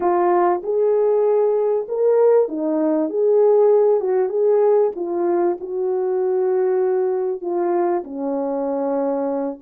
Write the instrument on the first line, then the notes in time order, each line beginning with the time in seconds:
horn
0.00 F4
0.63 G#4
1.88 A#4
2.48 D#4
3.09 G#4
4.00 F#4
4.29 G#4
4.95 F4
5.60 F#4
7.41 F4
8.04 C#4